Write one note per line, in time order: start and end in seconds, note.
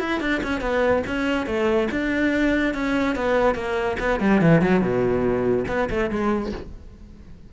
0.00 0.21 E4
0.21 0.42 D4
0.43 0.61 C#4
0.61 1.03 B3
1.07 1.47 C#4
1.47 1.89 A3
1.92 2.74 D4
2.74 3.16 C#4
3.16 3.55 B3
3.55 3.97 A#3
4.00 4.20 B3
4.20 4.41 G3
4.41 4.62 E3
4.62 4.82 F#3
4.82 5.65 B2
5.69 5.90 B3
5.90 6.10 A3
6.10 6.52 G#3